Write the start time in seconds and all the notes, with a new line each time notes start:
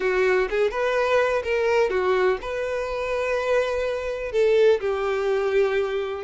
0.00 F#4
0.49 G#4
0.70 B4
1.43 A#4
1.89 F#4
2.41 B4
4.32 A4
4.80 G4